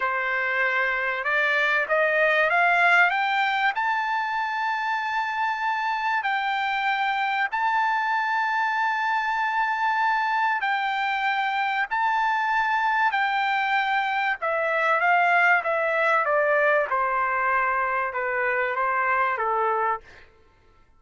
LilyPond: \new Staff \with { instrumentName = "trumpet" } { \time 4/4 \tempo 4 = 96 c''2 d''4 dis''4 | f''4 g''4 a''2~ | a''2 g''2 | a''1~ |
a''4 g''2 a''4~ | a''4 g''2 e''4 | f''4 e''4 d''4 c''4~ | c''4 b'4 c''4 a'4 | }